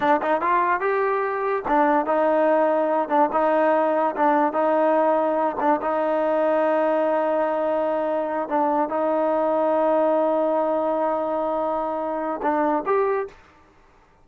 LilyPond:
\new Staff \with { instrumentName = "trombone" } { \time 4/4 \tempo 4 = 145 d'8 dis'8 f'4 g'2 | d'4 dis'2~ dis'8 d'8 | dis'2 d'4 dis'4~ | dis'4. d'8 dis'2~ |
dis'1~ | dis'8 d'4 dis'2~ dis'8~ | dis'1~ | dis'2 d'4 g'4 | }